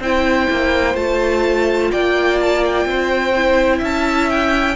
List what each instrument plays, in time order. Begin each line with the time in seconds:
0.00 cello C4, viola E4, violin C5 G5
0.51 cello A#3
0.95 cello A3, viola F4, violin A5
1.92 cello A#3, violin D5 G5
2.41 violin A5
2.66 violin G5
2.86 cello C4, violin C5
3.36 viola E4
3.79 cello C#4, violin E5 A5
4.30 violin G5